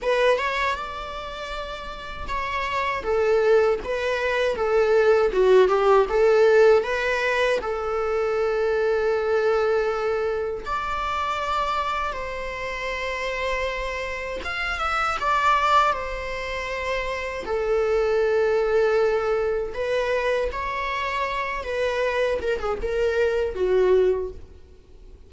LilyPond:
\new Staff \with { instrumentName = "viola" } { \time 4/4 \tempo 4 = 79 b'8 cis''8 d''2 cis''4 | a'4 b'4 a'4 fis'8 g'8 | a'4 b'4 a'2~ | a'2 d''2 |
c''2. f''8 e''8 | d''4 c''2 a'4~ | a'2 b'4 cis''4~ | cis''8 b'4 ais'16 gis'16 ais'4 fis'4 | }